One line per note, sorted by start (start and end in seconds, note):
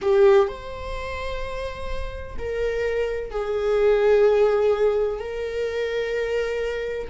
0.01 0.47 G4
0.47 2.36 C5
2.38 3.30 A#4
3.30 5.19 G#4
5.19 7.08 A#4